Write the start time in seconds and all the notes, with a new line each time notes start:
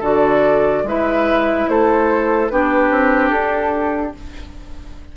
0.00 D3 F#4 A4 D5
0.84 G#3 E4 B4 E5
1.69 A3 A4 C5
2.49 B3 D4 G4 B4
2.90 C4
3.30 D4 A4